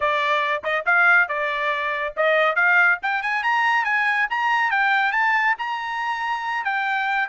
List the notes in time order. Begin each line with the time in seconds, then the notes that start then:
0.00 D5
0.63 D#5
0.85 F5
1.28 D5
2.16 D#5
2.55 F5
3.02 G5
3.22 G#5
3.43 A#5
3.84 G#5
4.30 A#5
4.70 G5
5.12 A5
5.58 A#5
6.64 G5